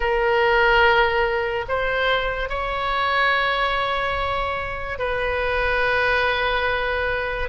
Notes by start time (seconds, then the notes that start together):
0.00 A#4
1.68 C5
2.49 C#5
4.98 B4